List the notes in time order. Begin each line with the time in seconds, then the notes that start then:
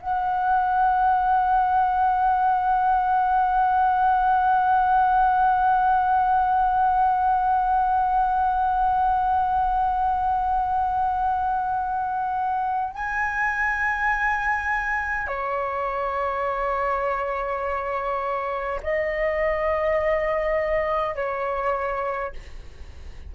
0.00 F#5
12.94 G#5
15.27 C#5
18.82 D#5
21.14 C#5